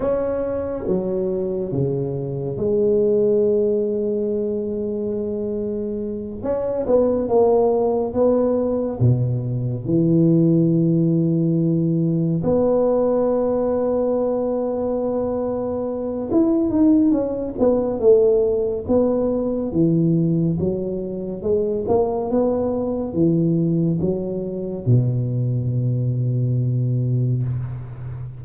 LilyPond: \new Staff \with { instrumentName = "tuba" } { \time 4/4 \tempo 4 = 70 cis'4 fis4 cis4 gis4~ | gis2.~ gis8 cis'8 | b8 ais4 b4 b,4 e8~ | e2~ e8 b4.~ |
b2. e'8 dis'8 | cis'8 b8 a4 b4 e4 | fis4 gis8 ais8 b4 e4 | fis4 b,2. | }